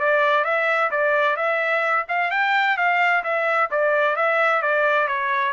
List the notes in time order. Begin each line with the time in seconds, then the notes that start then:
0.00 D5
0.45 E5
0.91 D5
1.37 E5
2.09 F5
2.31 G5
2.78 F5
3.24 E5
3.71 D5
4.17 E5
4.62 D5
5.08 C#5